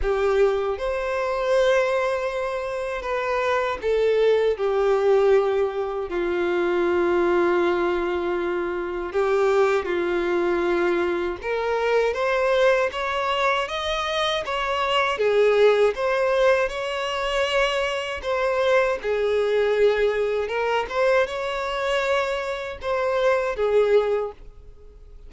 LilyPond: \new Staff \with { instrumentName = "violin" } { \time 4/4 \tempo 4 = 79 g'4 c''2. | b'4 a'4 g'2 | f'1 | g'4 f'2 ais'4 |
c''4 cis''4 dis''4 cis''4 | gis'4 c''4 cis''2 | c''4 gis'2 ais'8 c''8 | cis''2 c''4 gis'4 | }